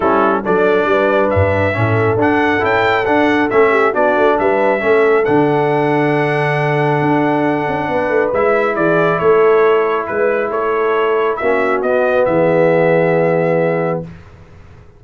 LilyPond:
<<
  \new Staff \with { instrumentName = "trumpet" } { \time 4/4 \tempo 4 = 137 a'4 d''2 e''4~ | e''4 fis''4 g''4 fis''4 | e''4 d''4 e''2 | fis''1~ |
fis''2. e''4 | d''4 cis''2 b'4 | cis''2 e''4 dis''4 | e''1 | }
  \new Staff \with { instrumentName = "horn" } { \time 4/4 e'4 a'4 b'2 | a'1~ | a'8 g'8 fis'4 b'4 a'4~ | a'1~ |
a'2 b'2 | gis'4 a'2 b'4 | a'2 fis'2 | gis'1 | }
  \new Staff \with { instrumentName = "trombone" } { \time 4/4 cis'4 d'2. | cis'4 d'4 e'4 d'4 | cis'4 d'2 cis'4 | d'1~ |
d'2. e'4~ | e'1~ | e'2 cis'4 b4~ | b1 | }
  \new Staff \with { instrumentName = "tuba" } { \time 4/4 g4 fis4 g4 g,4 | a,4 d'4 cis'4 d'4 | a4 b8 a8 g4 a4 | d1 |
d'4. cis'8 b8 a8 gis4 | e4 a2 gis4 | a2 ais4 b4 | e1 | }
>>